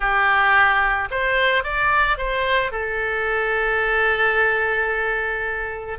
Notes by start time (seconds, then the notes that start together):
0.00 G4
1.11 C5
1.63 D5
2.17 C5
2.71 A4